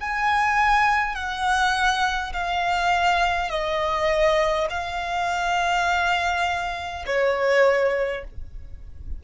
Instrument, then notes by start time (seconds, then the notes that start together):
violin
0.00 G#5
1.15 F#5
2.33 F5
3.50 D#5
4.70 F5
7.06 C#5